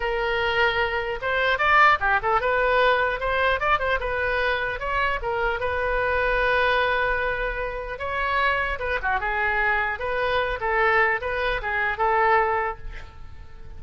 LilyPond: \new Staff \with { instrumentName = "oboe" } { \time 4/4 \tempo 4 = 150 ais'2. c''4 | d''4 g'8 a'8 b'2 | c''4 d''8 c''8 b'2 | cis''4 ais'4 b'2~ |
b'1 | cis''2 b'8 fis'8 gis'4~ | gis'4 b'4. a'4. | b'4 gis'4 a'2 | }